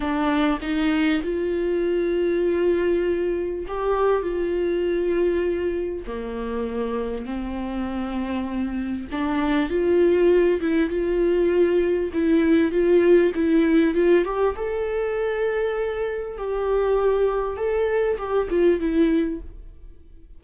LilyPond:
\new Staff \with { instrumentName = "viola" } { \time 4/4 \tempo 4 = 99 d'4 dis'4 f'2~ | f'2 g'4 f'4~ | f'2 ais2 | c'2. d'4 |
f'4. e'8 f'2 | e'4 f'4 e'4 f'8 g'8 | a'2. g'4~ | g'4 a'4 g'8 f'8 e'4 | }